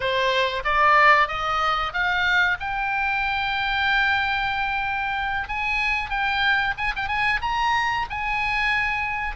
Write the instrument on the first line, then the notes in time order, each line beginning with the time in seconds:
oboe
0.00 C5
0.64 D5
1.28 D#5
1.93 F5
2.60 G5
5.48 G#5
6.10 G5
6.77 G#5
6.96 G5
7.08 G#5
7.41 A#5
8.10 G#5